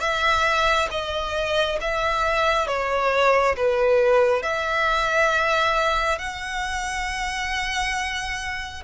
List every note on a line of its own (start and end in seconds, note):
0.00 0.88 E5
0.91 1.79 D#5
1.81 2.67 E5
2.67 3.55 C#5
3.57 4.43 B4
4.43 6.18 E5
6.18 8.83 F#5